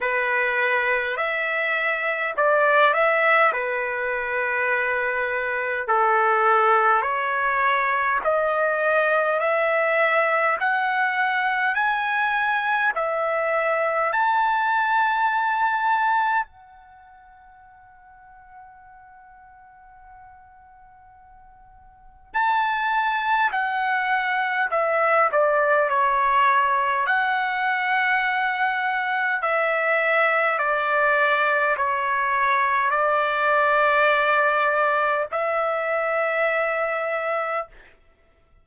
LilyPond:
\new Staff \with { instrumentName = "trumpet" } { \time 4/4 \tempo 4 = 51 b'4 e''4 d''8 e''8 b'4~ | b'4 a'4 cis''4 dis''4 | e''4 fis''4 gis''4 e''4 | a''2 fis''2~ |
fis''2. a''4 | fis''4 e''8 d''8 cis''4 fis''4~ | fis''4 e''4 d''4 cis''4 | d''2 e''2 | }